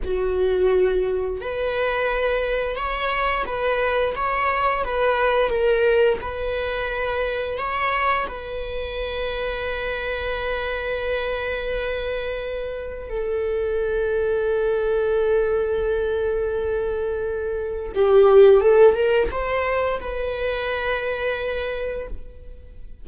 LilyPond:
\new Staff \with { instrumentName = "viola" } { \time 4/4 \tempo 4 = 87 fis'2 b'2 | cis''4 b'4 cis''4 b'4 | ais'4 b'2 cis''4 | b'1~ |
b'2. a'4~ | a'1~ | a'2 g'4 a'8 ais'8 | c''4 b'2. | }